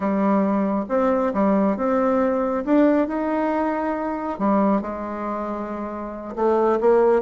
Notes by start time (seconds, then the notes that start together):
0.00 G3
0.89 C4
1.33 G3
1.76 C4
2.65 D4
3.07 D#4
4.39 G3
4.81 G#3
6.35 A3
6.80 A#3